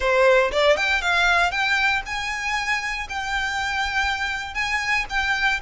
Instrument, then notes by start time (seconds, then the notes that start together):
violin
0.00 C5
0.51 D5
0.77 G5
1.01 F5
1.51 G5
2.05 G#5
3.09 G5
4.54 G#5
5.09 G5